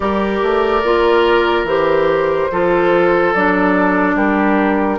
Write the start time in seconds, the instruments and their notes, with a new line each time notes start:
0.00 bassoon G3, clarinet G4, oboe A#4, flute D5
0.42 bassoon A3
0.83 bassoon A#3, clarinet F4
1.63 bassoon E3, clarinet G4, flute C5
2.51 bassoon F3, clarinet F4, oboe A4
3.33 bassoon F#3, clarinet D4, flute D5
4.15 bassoon G3, oboe G4, flute A#4